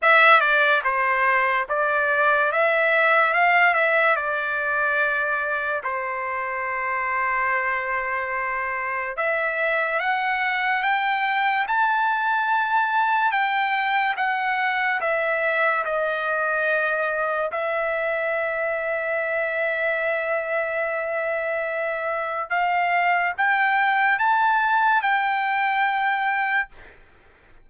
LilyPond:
\new Staff \with { instrumentName = "trumpet" } { \time 4/4 \tempo 4 = 72 e''8 d''8 c''4 d''4 e''4 | f''8 e''8 d''2 c''4~ | c''2. e''4 | fis''4 g''4 a''2 |
g''4 fis''4 e''4 dis''4~ | dis''4 e''2.~ | e''2. f''4 | g''4 a''4 g''2 | }